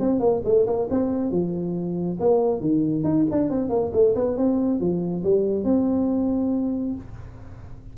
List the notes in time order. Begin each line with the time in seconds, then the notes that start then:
0.00 C4
0.20 A#3
0.45 A3
0.67 A#3
0.91 C4
1.31 F3
2.20 A#3
2.61 D#3
3.04 D#4
3.31 D4
3.50 C4
3.70 A#3
3.93 A3
4.16 B3
4.37 C4
4.80 F3
5.24 G3
5.65 C4